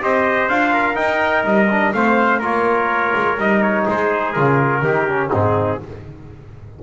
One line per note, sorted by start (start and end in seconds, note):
0.00 0.48 C4
0.00 0.48 G4
0.00 0.73 C5
0.00 0.49 D#5
0.48 0.96 D4
0.48 0.94 F4
0.48 0.95 F5
0.73 1.94 A#4
0.94 1.67 D#4
0.94 1.44 D#4
0.94 1.44 G5
1.44 1.92 G3
1.44 1.93 D#5
1.70 1.94 D4
1.93 2.41 A3
1.93 2.42 C4
1.93 2.39 C5
1.93 2.41 F5
2.39 3.13 A#3
2.39 3.38 F4
2.39 3.84 A#4
2.39 3.40 C#5
3.15 3.37 G#3
3.37 3.86 G3
3.37 4.35 D#4
3.37 3.62 D#5
3.62 3.86 C#5
3.85 4.36 G#3
3.85 4.82 G#4
3.85 4.33 C5
4.33 4.82 C#3
4.33 4.83 F4
4.33 5.29 A#4
4.82 5.30 D#3
4.82 5.08 D#4
4.82 5.30 G4
5.08 5.32 C#4
5.30 5.81 G#2
5.30 5.80 C4
5.30 5.78 D#4
5.30 5.83 G#4